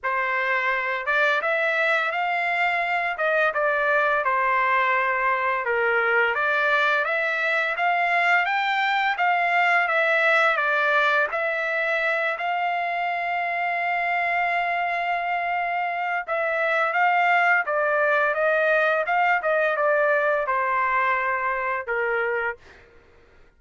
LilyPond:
\new Staff \with { instrumentName = "trumpet" } { \time 4/4 \tempo 4 = 85 c''4. d''8 e''4 f''4~ | f''8 dis''8 d''4 c''2 | ais'4 d''4 e''4 f''4 | g''4 f''4 e''4 d''4 |
e''4. f''2~ f''8~ | f''2. e''4 | f''4 d''4 dis''4 f''8 dis''8 | d''4 c''2 ais'4 | }